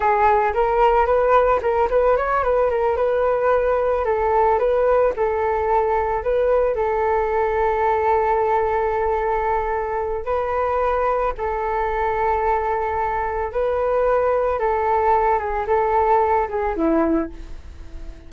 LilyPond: \new Staff \with { instrumentName = "flute" } { \time 4/4 \tempo 4 = 111 gis'4 ais'4 b'4 ais'8 b'8 | cis''8 b'8 ais'8 b'2 a'8~ | a'8 b'4 a'2 b'8~ | b'8 a'2.~ a'8~ |
a'2. b'4~ | b'4 a'2.~ | a'4 b'2 a'4~ | a'8 gis'8 a'4. gis'8 e'4 | }